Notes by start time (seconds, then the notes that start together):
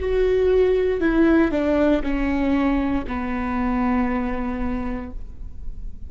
0.00 F#4
1.01 E4
1.52 D4
2.03 C#4
3.08 B3